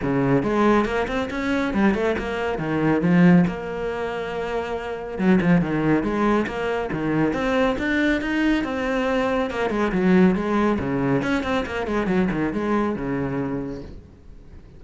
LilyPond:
\new Staff \with { instrumentName = "cello" } { \time 4/4 \tempo 4 = 139 cis4 gis4 ais8 c'8 cis'4 | g8 a8 ais4 dis4 f4 | ais1 | fis8 f8 dis4 gis4 ais4 |
dis4 c'4 d'4 dis'4 | c'2 ais8 gis8 fis4 | gis4 cis4 cis'8 c'8 ais8 gis8 | fis8 dis8 gis4 cis2 | }